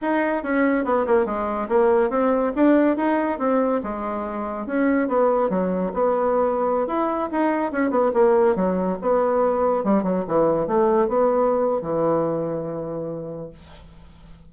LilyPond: \new Staff \with { instrumentName = "bassoon" } { \time 4/4 \tempo 4 = 142 dis'4 cis'4 b8 ais8 gis4 | ais4 c'4 d'4 dis'4 | c'4 gis2 cis'4 | b4 fis4 b2~ |
b16 e'4 dis'4 cis'8 b8 ais8.~ | ais16 fis4 b2 g8 fis16~ | fis16 e4 a4 b4.~ b16 | e1 | }